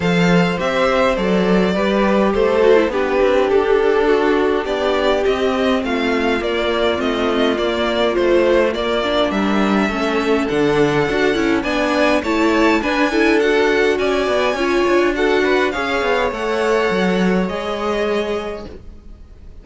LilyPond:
<<
  \new Staff \with { instrumentName = "violin" } { \time 4/4 \tempo 4 = 103 f''4 e''4 d''2 | c''4 b'4 a'2 | d''4 dis''4 f''4 d''4 | dis''4 d''4 c''4 d''4 |
e''2 fis''2 | gis''4 a''4 gis''4 fis''4 | gis''2 fis''4 f''4 | fis''2 dis''2 | }
  \new Staff \with { instrumentName = "violin" } { \time 4/4 c''2. b'4 | a'4 g'2 fis'4 | g'2 f'2~ | f'1 |
ais'4 a'2. | d''4 cis''4 b'8 a'4. | d''4 cis''4 a'8 b'8 cis''4~ | cis''1 | }
  \new Staff \with { instrumentName = "viola" } { \time 4/4 a'4 g'4 a'4 g'4~ | g'8 fis'16 e'16 d'2.~ | d'4 c'2 ais4 | c'4 ais4 f4 ais8 d'8~ |
d'4 cis'4 d'4 fis'8 e'8 | d'4 e'4 d'8 e'8 fis'4~ | fis'4 f'4 fis'4 gis'4 | a'2 gis'2 | }
  \new Staff \with { instrumentName = "cello" } { \time 4/4 f4 c'4 fis4 g4 | a4 b8 c'8 d'2 | b4 c'4 a4 ais4 | a4 ais4 a4 ais4 |
g4 a4 d4 d'8 cis'8 | b4 a4 d'2 | cis'8 b8 cis'8 d'4. cis'8 b8 | a4 fis4 gis2 | }
>>